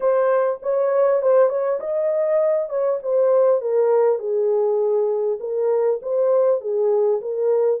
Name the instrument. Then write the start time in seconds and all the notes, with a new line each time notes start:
horn
0.00 C5
0.62 C#5
1.22 C5
1.49 C#5
1.80 D#5
2.69 C#5
3.02 C5
3.61 A#4
4.18 G#4
5.40 A#4
6.02 C5
6.61 G#4
7.21 A#4